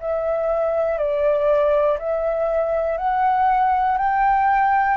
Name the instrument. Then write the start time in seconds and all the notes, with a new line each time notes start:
flute
0.00 E5
0.98 D5
1.99 E5
2.97 F#5
3.98 G5